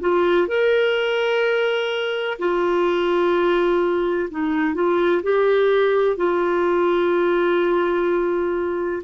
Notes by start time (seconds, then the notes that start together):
0.00 F4
0.47 A#4
2.39 F4
4.30 D#4
4.74 F4
5.23 G4
6.16 F4